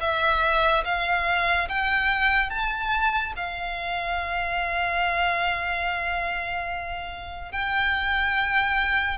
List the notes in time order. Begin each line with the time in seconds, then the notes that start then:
0.00 E5
0.84 F5
1.69 G5
2.50 A5
3.36 F5
7.52 G5